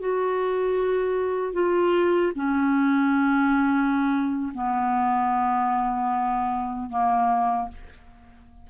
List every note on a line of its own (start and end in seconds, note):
0.00 1.54 F#4
1.54 2.33 F4
2.35 4.53 C#4
4.54 6.90 B3
6.90 7.69 A#3